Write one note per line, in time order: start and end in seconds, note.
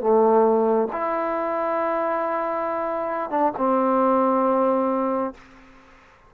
0.00 0.88 A3
0.92 3.30 E4
3.30 3.53 D4
3.58 5.34 C4